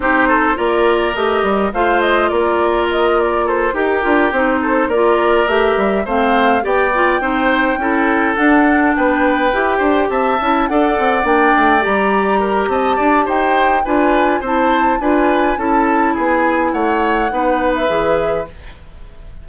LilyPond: <<
  \new Staff \with { instrumentName = "flute" } { \time 4/4 \tempo 4 = 104 c''4 d''4 dis''4 f''8 dis''8 | d''4 dis''8 d''8 c''8 ais'4 c''8~ | c''8 d''4 e''4 f''4 g''8~ | g''2~ g''8 fis''4 g''8~ |
g''4. a''4 fis''4 g''8~ | g''8 ais''4. a''4 g''4 | gis''4 a''4 gis''4 a''4 | gis''4 fis''4.~ fis''16 e''4~ e''16 | }
  \new Staff \with { instrumentName = "oboe" } { \time 4/4 g'8 a'8 ais'2 c''4 | ais'2 a'8 g'4. | a'8 ais'2 c''4 d''8~ | d''8 c''4 a'2 b'8~ |
b'4 c''8 e''4 d''4.~ | d''4. ais'8 dis''8 d''8 c''4 | b'4 c''4 b'4 a'4 | gis'4 cis''4 b'2 | }
  \new Staff \with { instrumentName = "clarinet" } { \time 4/4 dis'4 f'4 g'4 f'4~ | f'2~ f'8 g'8 f'8 dis'8~ | dis'8 f'4 g'4 c'4 g'8 | f'8 dis'4 e'4 d'4.~ |
d'8 g'4. e'8 a'4 d'8~ | d'8 g'2.~ g'8 | f'4 e'4 f'4 e'4~ | e'2 dis'4 gis'4 | }
  \new Staff \with { instrumentName = "bassoon" } { \time 4/4 c'4 ais4 a8 g8 a4 | ais2~ ais8 dis'8 d'8 c'8~ | c'8 ais4 a8 g8 a4 b8~ | b8 c'4 cis'4 d'4 b8~ |
b8 e'8 d'8 c'8 cis'8 d'8 c'8 ais8 | a8 g4. c'8 d'8 dis'4 | d'4 c'4 d'4 cis'4 | b4 a4 b4 e4 | }
>>